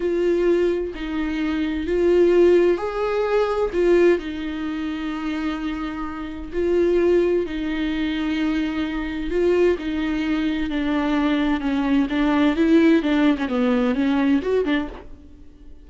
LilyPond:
\new Staff \with { instrumentName = "viola" } { \time 4/4 \tempo 4 = 129 f'2 dis'2 | f'2 gis'2 | f'4 dis'2.~ | dis'2 f'2 |
dis'1 | f'4 dis'2 d'4~ | d'4 cis'4 d'4 e'4 | d'8. cis'16 b4 cis'4 fis'8 d'8 | }